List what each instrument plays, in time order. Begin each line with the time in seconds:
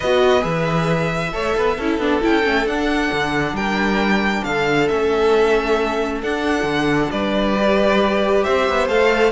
0.00 cello B3, viola F#4, violin B4 D#5
0.40 cello E3, viola G#4, violin E5
1.32 cello A3, viola A4, violin C#5
1.57 cello B3, violin B4
1.76 cello C#4, viola E4, violin A4
1.97 cello B3, viola D4
2.21 cello C#4, viola E4, violin G5
2.42 cello A3, viola C#4
2.66 cello D4, viola D4, violin F#5
3.12 cello D3
3.52 cello G3, violin A#4 G5
4.43 cello D3, violin A4 F5
4.87 cello A3, viola C#4, violin E5
6.22 cello D4, viola D4, violin F#5
6.63 cello D3
7.11 cello G3, violin B4 D5
7.56 viola G4
8.43 cello C4, violin C5 E5
8.69 cello B3
8.87 cello A3, viola A4, violin F5